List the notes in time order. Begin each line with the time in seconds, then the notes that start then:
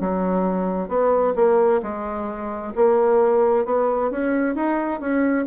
0.00 F#3
0.88 B3
1.35 A#3
1.82 G#3
2.75 A#3
3.65 B3
4.10 C#4
4.55 D#4
5.00 C#4